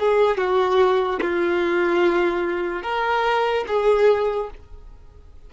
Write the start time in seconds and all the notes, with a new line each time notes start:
0.00 G#4
0.38 F#4
1.21 F4
2.83 A#4
3.68 G#4